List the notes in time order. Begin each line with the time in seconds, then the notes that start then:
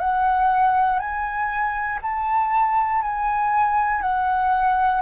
0.00 F#5
1.00 G#5
2.03 A5
3.02 G#5
4.02 F#5